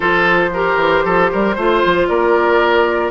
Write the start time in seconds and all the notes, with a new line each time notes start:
0.00 F3 F4 A4 C5
0.53 G4 A#4
0.76 E3
1.04 F3 A4
1.32 G3 A#4
1.55 A3 F4 C5
1.85 F3
2.07 A#3 A#4 D5